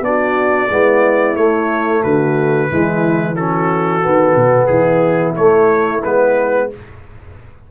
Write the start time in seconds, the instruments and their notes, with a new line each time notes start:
0.00 tuba B3, trombone D4, horn F#4, trumpet D5
0.69 tuba G#3, trombone B3, horn E4
1.35 tuba A3, trombone A3, trumpet C#5
2.02 tuba D3, horn F#4, trumpet B4
2.69 tuba E3, trombone G#3, horn E4
3.35 trombone C#4, horn F#4, trumpet A4
4.01 tuba D#3, trombone B3
4.35 tuba B2
4.66 tuba E3, horn E4, trumpet G#4
5.35 trombone A3, tuba A3, trumpet C#5
6.03 tuba G#3, trombone B3, trumpet B4